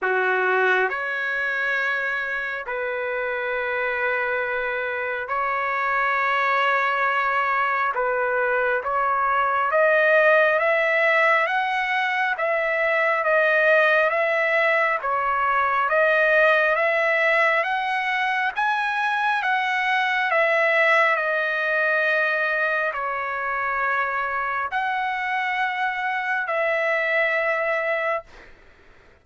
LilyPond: \new Staff \with { instrumentName = "trumpet" } { \time 4/4 \tempo 4 = 68 fis'4 cis''2 b'4~ | b'2 cis''2~ | cis''4 b'4 cis''4 dis''4 | e''4 fis''4 e''4 dis''4 |
e''4 cis''4 dis''4 e''4 | fis''4 gis''4 fis''4 e''4 | dis''2 cis''2 | fis''2 e''2 | }